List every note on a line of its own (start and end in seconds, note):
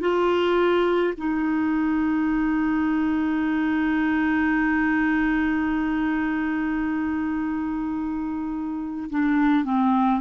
0.00 1.13 F4
1.17 9.10 D#4
9.10 9.64 D4
9.64 10.20 C4